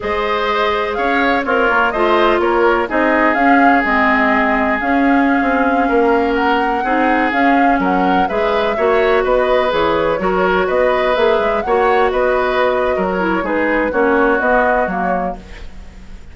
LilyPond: <<
  \new Staff \with { instrumentName = "flute" } { \time 4/4 \tempo 4 = 125 dis''2 f''4 cis''4 | dis''4 cis''4 dis''4 f''4 | dis''2 f''2~ | f''4~ f''16 fis''2 f''8.~ |
f''16 fis''4 e''2 dis''8.~ | dis''16 cis''2 dis''4 e''8.~ | e''16 fis''4 dis''2 cis''8. | b'4 cis''4 dis''4 cis''4 | }
  \new Staff \with { instrumentName = "oboe" } { \time 4/4 c''2 cis''4 f'4 | c''4 ais'4 gis'2~ | gis'1~ | gis'16 ais'2 gis'4.~ gis'16~ |
gis'16 ais'4 b'4 cis''4 b'8.~ | b'4~ b'16 ais'4 b'4.~ b'16~ | b'16 cis''4 b'4.~ b'16 ais'4 | gis'4 fis'2. | }
  \new Staff \with { instrumentName = "clarinet" } { \time 4/4 gis'2. ais'4 | f'2 dis'4 cis'4 | c'2 cis'2~ | cis'2~ cis'16 dis'4 cis'8.~ |
cis'4~ cis'16 gis'4 fis'4.~ fis'16~ | fis'16 gis'4 fis'2 gis'8.~ | gis'16 fis'2.~ fis'16 e'8 | dis'4 cis'4 b4 ais4 | }
  \new Staff \with { instrumentName = "bassoon" } { \time 4/4 gis2 cis'4 c'8 ais8 | a4 ais4 c'4 cis'4 | gis2 cis'4~ cis'16 c'8.~ | c'16 ais2 c'4 cis'8.~ |
cis'16 fis4 gis4 ais4 b8.~ | b16 e4 fis4 b4 ais8 gis16~ | gis16 ais4 b4.~ b16 fis4 | gis4 ais4 b4 fis4 | }
>>